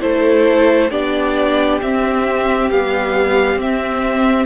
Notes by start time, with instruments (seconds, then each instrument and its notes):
0.00 cello A3, viola E4, violin A4 C5
0.91 cello B3, viola D4, violin G4 D5
1.81 viola C4, cello C4, violin E5
2.71 viola G3, cello B3, violin F5
3.56 cello C4, viola C4, violin E5